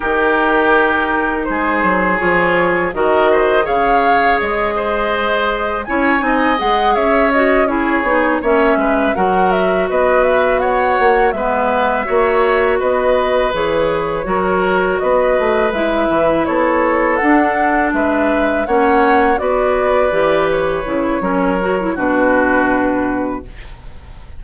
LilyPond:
<<
  \new Staff \with { instrumentName = "flute" } { \time 4/4 \tempo 4 = 82 ais'2 c''4 cis''4 | dis''4 f''4 dis''2 | gis''4 fis''8 e''8 dis''8 cis''4 e''8~ | e''8 fis''8 e''8 dis''8 e''8 fis''4 e''8~ |
e''4. dis''4 cis''4.~ | cis''8 dis''4 e''4 cis''4 fis''8~ | fis''8 e''4 fis''4 d''4. | cis''2 b'2 | }
  \new Staff \with { instrumentName = "oboe" } { \time 4/4 g'2 gis'2 | ais'8 c''8 cis''4. c''4. | cis''8 dis''4 cis''4 gis'4 cis''8 | b'8 ais'4 b'4 cis''4 b'8~ |
b'8 cis''4 b'2 ais'8~ | ais'8 b'2 a'4.~ | a'8 b'4 cis''4 b'4.~ | b'4 ais'4 fis'2 | }
  \new Staff \with { instrumentName = "clarinet" } { \time 4/4 dis'2. f'4 | fis'4 gis'2. | e'8 dis'8 gis'4 fis'8 e'8 dis'8 cis'8~ | cis'8 fis'2. b8~ |
b8 fis'2 gis'4 fis'8~ | fis'4. e'2 d'8~ | d'4. cis'4 fis'4 g'8~ | g'8 e'8 cis'8 fis'16 e'16 d'2 | }
  \new Staff \with { instrumentName = "bassoon" } { \time 4/4 dis2 gis8 fis8 f4 | dis4 cis4 gis2 | cis'8 c'8 gis8 cis'4. b8 ais8 | gis8 fis4 b4. ais8 gis8~ |
gis8 ais4 b4 e4 fis8~ | fis8 b8 a8 gis8 e8 b4 d'8~ | d'8 gis4 ais4 b4 e8~ | e8 cis8 fis4 b,2 | }
>>